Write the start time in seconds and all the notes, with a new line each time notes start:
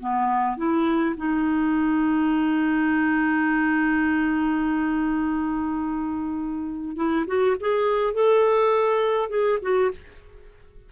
0.00 B3
0.57 E4
1.17 D#4
6.97 E4
7.27 F#4
7.60 G#4
8.14 A4
9.30 G#4
9.62 F#4